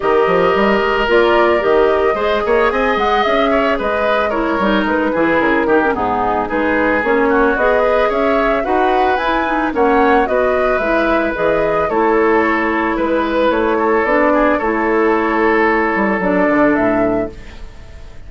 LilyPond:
<<
  \new Staff \with { instrumentName = "flute" } { \time 4/4 \tempo 4 = 111 dis''2 d''4 dis''4~ | dis''4 gis''8 fis''8 e''4 dis''4 | cis''4 b'4 ais'4 gis'4 | b'4 cis''4 dis''4 e''4 |
fis''4 gis''4 fis''4 dis''4 | e''4 dis''4 cis''2 | b'4 cis''4 d''4 cis''4~ | cis''2 d''4 e''4 | }
  \new Staff \with { instrumentName = "oboe" } { \time 4/4 ais'1 | c''8 cis''8 dis''4. cis''8 b'4 | ais'4. gis'4 g'8 dis'4 | gis'4. fis'4 b'8 cis''4 |
b'2 cis''4 b'4~ | b'2 a'2 | b'4. a'4 gis'8 a'4~ | a'1 | }
  \new Staff \with { instrumentName = "clarinet" } { \time 4/4 g'2 f'4 g'4 | gis'1 | e'8 dis'4 e'4 dis'16 cis'16 b4 | dis'4 cis'4 gis'2 |
fis'4 e'8 dis'8 cis'4 fis'4 | e'4 gis'4 e'2~ | e'2 d'4 e'4~ | e'2 d'2 | }
  \new Staff \with { instrumentName = "bassoon" } { \time 4/4 dis8 f8 g8 gis8 ais4 dis4 | gis8 ais8 c'8 gis8 cis'4 gis4~ | gis8 g8 gis8 e8 cis8 dis8 gis,4 | gis4 ais4 b4 cis'4 |
dis'4 e'4 ais4 b4 | gis4 e4 a2 | gis4 a4 b4 a4~ | a4. g8 fis8 d8 a,4 | }
>>